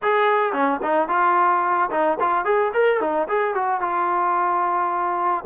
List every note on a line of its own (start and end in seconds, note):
0.02 0.53 G#4
0.53 0.80 C#4
0.82 1.08 D#4
1.08 1.90 F4
1.90 2.18 D#4
2.20 2.44 F4
2.44 2.72 G#4
2.73 3.00 A#4
3.00 3.27 D#4
3.28 3.54 G#4
3.54 3.80 F#4
3.80 5.44 F4